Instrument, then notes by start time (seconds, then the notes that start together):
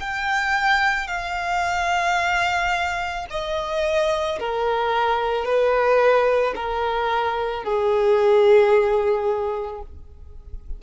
violin
0.00 G5
1.08 F5
3.30 D#5
4.40 A#4
5.45 B4
6.56 A#4
7.64 G#4